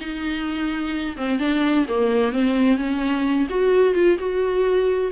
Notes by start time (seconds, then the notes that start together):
0.00 D#4
1.17 C4
1.39 D4
1.88 A#3
2.32 C4
2.77 C#4
3.49 F#4
3.94 F4
4.18 F#4